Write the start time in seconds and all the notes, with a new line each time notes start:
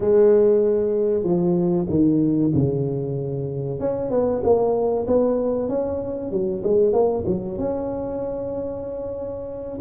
0.00 G#3
1.23 F3
1.89 D#3
2.54 C#3
3.79 C#4
4.10 B3
4.43 A#3
5.07 B3
5.68 C#4
6.31 F#3
6.63 G#3
6.92 A#3
7.26 F#3
7.58 C#4